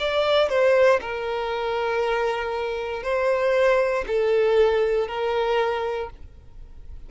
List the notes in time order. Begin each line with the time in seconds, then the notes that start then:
0.00 D5
0.49 C5
1.02 A#4
3.03 C5
4.07 A4
5.08 A#4